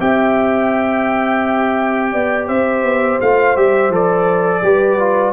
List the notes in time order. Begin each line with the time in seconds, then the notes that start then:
0.00 C4 G4 E5 G5
2.13 B3 D5
2.48 C4 C5 E5
2.84 B3
3.21 A3 F4 F5
3.57 G3 G4 E5
3.90 F3 A4 D5
4.63 G3 G4 B4
4.99 F4